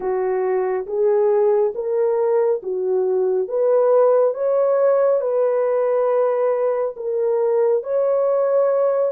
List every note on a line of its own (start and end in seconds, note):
0.00 0.86 F#4
0.86 1.73 G#4
1.74 2.61 A#4
2.62 3.48 F#4
3.48 4.34 B4
4.34 5.21 C#5
5.21 6.94 B4
6.96 7.83 A#4
7.83 9.12 C#5